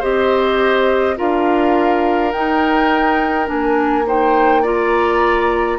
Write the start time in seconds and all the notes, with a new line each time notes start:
0.00 C4 G4 C5 D#5
1.17 D4 F4 A#4 F5
2.32 D#4 G5
3.46 A#3 D4 G#5
4.07 D#4 C5 G5
4.62 F4 D5 A#5